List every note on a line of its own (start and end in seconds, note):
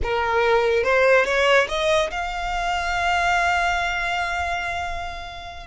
0.02 0.83 A#4
0.83 1.25 C5
1.25 1.67 C#5
1.68 2.10 D#5
2.10 5.66 F5